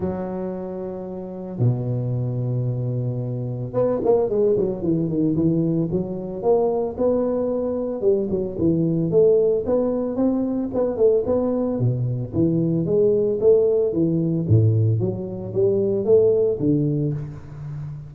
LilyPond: \new Staff \with { instrumentName = "tuba" } { \time 4/4 \tempo 4 = 112 fis2. b,4~ | b,2. b8 ais8 | gis8 fis8 e8 dis8 e4 fis4 | ais4 b2 g8 fis8 |
e4 a4 b4 c'4 | b8 a8 b4 b,4 e4 | gis4 a4 e4 a,4 | fis4 g4 a4 d4 | }